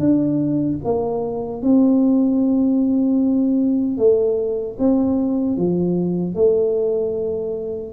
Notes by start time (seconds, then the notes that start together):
0.00 D4
0.85 A#3
1.62 C4
3.98 A3
4.79 C4
5.57 F3
6.35 A3